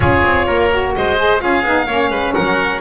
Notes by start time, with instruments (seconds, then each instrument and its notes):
0.00 double bass C#4, saxophone F4, oboe G#4, violin C#5
0.24 double bass C4
0.46 double bass A#3, oboe A#4
0.70 saxophone F#4
0.95 double bass G#3, oboe C5, violin D#5
1.16 saxophone G#4
1.39 double bass C#4, saxophone F4, oboe G#4, violin F5
1.63 double bass B3, saxophone D#4
1.86 double bass A#3, saxophone C#4, oboe C#5
2.10 double bass G#3, oboe B4
2.33 double bass F#3, oboe A#4, violin F#5